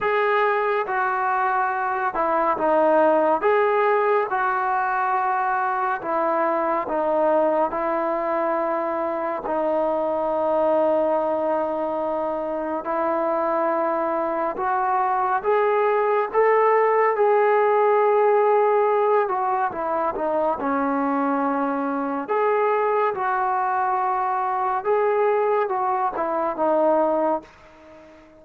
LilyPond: \new Staff \with { instrumentName = "trombone" } { \time 4/4 \tempo 4 = 70 gis'4 fis'4. e'8 dis'4 | gis'4 fis'2 e'4 | dis'4 e'2 dis'4~ | dis'2. e'4~ |
e'4 fis'4 gis'4 a'4 | gis'2~ gis'8 fis'8 e'8 dis'8 | cis'2 gis'4 fis'4~ | fis'4 gis'4 fis'8 e'8 dis'4 | }